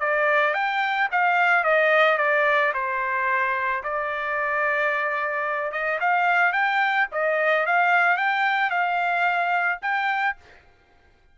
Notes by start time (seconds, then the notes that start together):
0.00 D5
0.54 G5
1.12 F5
1.64 D#5
2.18 D5
2.74 C5
3.84 D5
5.72 D#5
6.00 F5
6.53 G5
7.12 D#5
7.67 F5
8.17 G5
8.70 F5
9.82 G5